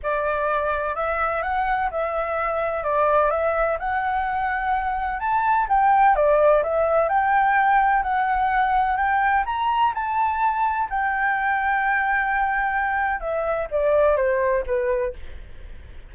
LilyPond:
\new Staff \with { instrumentName = "flute" } { \time 4/4 \tempo 4 = 127 d''2 e''4 fis''4 | e''2 d''4 e''4 | fis''2. a''4 | g''4 d''4 e''4 g''4~ |
g''4 fis''2 g''4 | ais''4 a''2 g''4~ | g''1 | e''4 d''4 c''4 b'4 | }